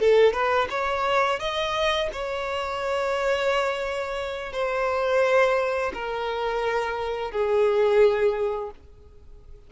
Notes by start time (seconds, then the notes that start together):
0.00 A4
0.33 B4
0.70 C#5
1.40 D#5
2.13 C#5
4.53 C5
5.94 A#4
7.31 G#4